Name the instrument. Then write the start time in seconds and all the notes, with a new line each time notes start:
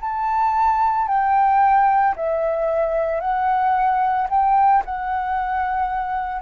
flute
0.00 A5
1.07 G5
2.15 E5
3.20 F#5
4.29 G5
4.85 F#5